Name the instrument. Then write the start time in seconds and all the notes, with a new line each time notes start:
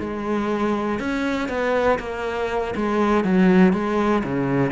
cello
0.00 G#3
1.00 C#4
1.49 B3
2.00 A#3
2.76 G#3
3.25 F#3
3.73 G#3
4.24 C#3